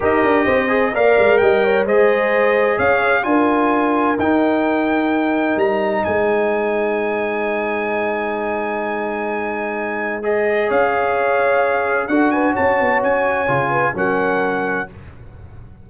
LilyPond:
<<
  \new Staff \with { instrumentName = "trumpet" } { \time 4/4 \tempo 4 = 129 dis''2 f''4 g''4 | dis''2 f''4 gis''4~ | gis''4 g''2. | ais''4 gis''2.~ |
gis''1~ | gis''2 dis''4 f''4~ | f''2 fis''8 gis''8 a''4 | gis''2 fis''2 | }
  \new Staff \with { instrumentName = "horn" } { \time 4/4 ais'4 c''4 d''4 dis''8 cis''8 | c''2 cis''4 ais'4~ | ais'1~ | ais'4 c''2.~ |
c''1~ | c''2. cis''4~ | cis''2 a'8 b'8 cis''4~ | cis''4. b'8 ais'2 | }
  \new Staff \with { instrumentName = "trombone" } { \time 4/4 g'4. gis'8 ais'2 | gis'2. f'4~ | f'4 dis'2.~ | dis'1~ |
dis'1~ | dis'2 gis'2~ | gis'2 fis'2~ | fis'4 f'4 cis'2 | }
  \new Staff \with { instrumentName = "tuba" } { \time 4/4 dis'8 d'8 c'4 ais8 gis8 g4 | gis2 cis'4 d'4~ | d'4 dis'2. | g4 gis2.~ |
gis1~ | gis2. cis'4~ | cis'2 d'4 cis'8 b8 | cis'4 cis4 fis2 | }
>>